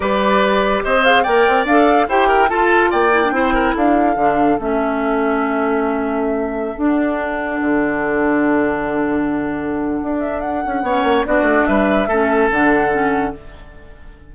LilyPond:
<<
  \new Staff \with { instrumentName = "flute" } { \time 4/4 \tempo 4 = 144 d''2 dis''8 f''8 g''4 | f''4 g''4 a''4 g''4~ | g''4 f''2 e''4~ | e''1~ |
e''16 fis''2.~ fis''8.~ | fis''1~ | fis''8 e''8 fis''2 d''4 | e''2 fis''2 | }
  \new Staff \with { instrumentName = "oboe" } { \time 4/4 b'2 c''4 d''4~ | d''4 c''8 ais'8 a'4 d''4 | c''8 ais'8 a'2.~ | a'1~ |
a'1~ | a'1~ | a'2 cis''4 fis'4 | b'4 a'2. | }
  \new Staff \with { instrumentName = "clarinet" } { \time 4/4 g'2~ g'8 gis'8 ais'4 | a'4 g'4 f'4. e'16 d'16 | e'2 d'4 cis'4~ | cis'1~ |
cis'16 d'2.~ d'8.~ | d'1~ | d'2 cis'4 d'4~ | d'4 cis'4 d'4 cis'4 | }
  \new Staff \with { instrumentName = "bassoon" } { \time 4/4 g2 c'4 ais8 c'8 | d'4 e'4 f'4 ais4 | c'4 d'4 d4 a4~ | a1~ |
a16 d'2 d4.~ d16~ | d1 | d'4. cis'8 b8 ais8 b8 a8 | g4 a4 d2 | }
>>